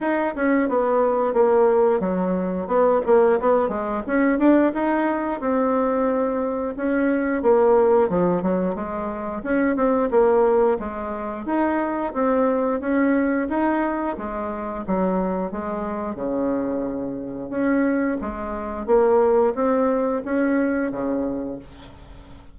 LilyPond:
\new Staff \with { instrumentName = "bassoon" } { \time 4/4 \tempo 4 = 89 dis'8 cis'8 b4 ais4 fis4 | b8 ais8 b8 gis8 cis'8 d'8 dis'4 | c'2 cis'4 ais4 | f8 fis8 gis4 cis'8 c'8 ais4 |
gis4 dis'4 c'4 cis'4 | dis'4 gis4 fis4 gis4 | cis2 cis'4 gis4 | ais4 c'4 cis'4 cis4 | }